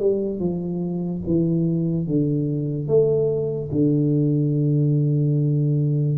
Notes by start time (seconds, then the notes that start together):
0.00 G3
0.40 F3
1.27 E3
2.07 D3
2.88 A3
3.72 D3